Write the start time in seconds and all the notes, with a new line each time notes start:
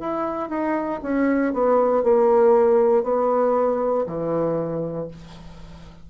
0.00 E4
0.49 D#4
1.02 C#4
1.53 B3
2.03 A#3
3.03 B3
4.06 E3